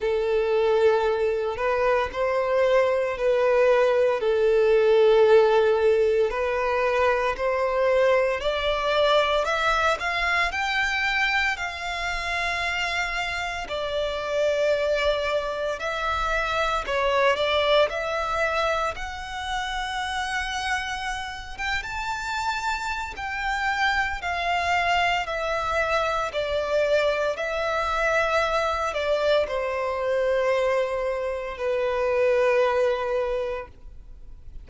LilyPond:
\new Staff \with { instrumentName = "violin" } { \time 4/4 \tempo 4 = 57 a'4. b'8 c''4 b'4 | a'2 b'4 c''4 | d''4 e''8 f''8 g''4 f''4~ | f''4 d''2 e''4 |
cis''8 d''8 e''4 fis''2~ | fis''8 g''16 a''4~ a''16 g''4 f''4 | e''4 d''4 e''4. d''8 | c''2 b'2 | }